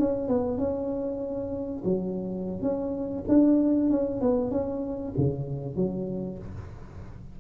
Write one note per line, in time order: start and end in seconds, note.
0.00 0.28 C#4
0.28 0.58 B3
0.58 1.83 C#4
1.85 2.62 F#3
2.62 3.25 C#4
3.29 3.90 D4
3.90 4.22 C#4
4.22 4.51 B3
4.51 5.14 C#4
5.18 5.76 C#3
5.76 6.39 F#3